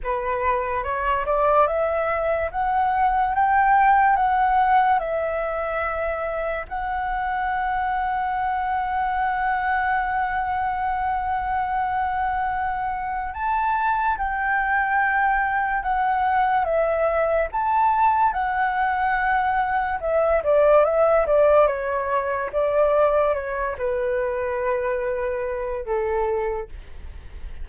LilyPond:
\new Staff \with { instrumentName = "flute" } { \time 4/4 \tempo 4 = 72 b'4 cis''8 d''8 e''4 fis''4 | g''4 fis''4 e''2 | fis''1~ | fis''1 |
a''4 g''2 fis''4 | e''4 a''4 fis''2 | e''8 d''8 e''8 d''8 cis''4 d''4 | cis''8 b'2~ b'8 a'4 | }